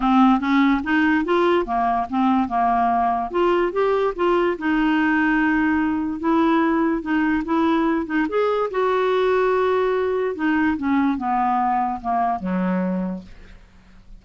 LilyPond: \new Staff \with { instrumentName = "clarinet" } { \time 4/4 \tempo 4 = 145 c'4 cis'4 dis'4 f'4 | ais4 c'4 ais2 | f'4 g'4 f'4 dis'4~ | dis'2. e'4~ |
e'4 dis'4 e'4. dis'8 | gis'4 fis'2.~ | fis'4 dis'4 cis'4 b4~ | b4 ais4 fis2 | }